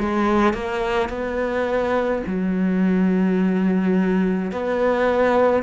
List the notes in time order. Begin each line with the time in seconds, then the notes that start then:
0.00 G#3
0.54 A#3
1.10 B3
2.26 F#3
4.52 B3